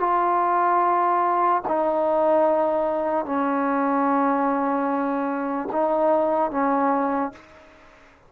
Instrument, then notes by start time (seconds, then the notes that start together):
trombone
0.00 F4
1.68 D#4
3.25 C#4
5.72 D#4
6.51 C#4